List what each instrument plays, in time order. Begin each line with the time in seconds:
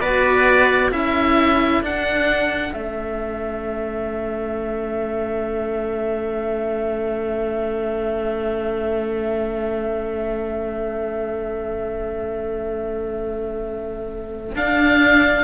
0.00 cello B3 F#4, trumpet B4, oboe D5
0.89 cello C#4 E4, trumpet A4, oboe E5
1.81 cello D4, oboe F#5
2.71 cello A3 C#4, oboe E5
14.55 cello D4, oboe F5